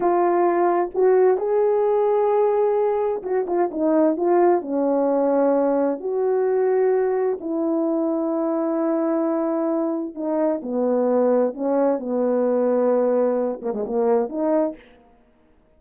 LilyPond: \new Staff \with { instrumentName = "horn" } { \time 4/4 \tempo 4 = 130 f'2 fis'4 gis'4~ | gis'2. fis'8 f'8 | dis'4 f'4 cis'2~ | cis'4 fis'2. |
e'1~ | e'2 dis'4 b4~ | b4 cis'4 b2~ | b4. ais16 gis16 ais4 dis'4 | }